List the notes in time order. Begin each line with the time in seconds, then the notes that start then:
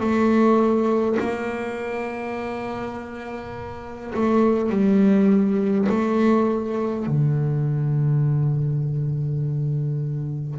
0.00 A3
1.20 A#3
4.14 A3
4.70 G3
5.89 A3
7.07 D3